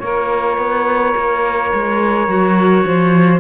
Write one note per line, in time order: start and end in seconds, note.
0.00 0.58 A#3
0.00 2.28 F4
0.00 2.85 A#4
0.00 3.40 C#5
0.58 1.15 B3
1.17 1.73 A#3
1.74 2.28 G#3
2.28 2.85 F#3
2.28 3.41 F#4
2.85 3.41 F3
2.85 3.41 C5